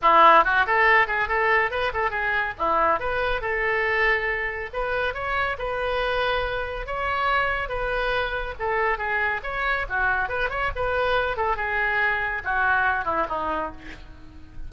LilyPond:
\new Staff \with { instrumentName = "oboe" } { \time 4/4 \tempo 4 = 140 e'4 fis'8 a'4 gis'8 a'4 | b'8 a'8 gis'4 e'4 b'4 | a'2. b'4 | cis''4 b'2. |
cis''2 b'2 | a'4 gis'4 cis''4 fis'4 | b'8 cis''8 b'4. a'8 gis'4~ | gis'4 fis'4. e'8 dis'4 | }